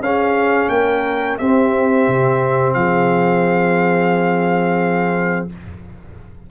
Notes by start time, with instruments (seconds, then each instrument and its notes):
0.00 tuba C#4, trombone C#4, horn G#4, trumpet F5
0.69 tuba A#3, horn A#4, trumpet G5
1.38 tuba C4, trombone C4, horn G4, trumpet E5
2.08 tuba C3
2.74 tuba F3, horn G#4, trumpet F5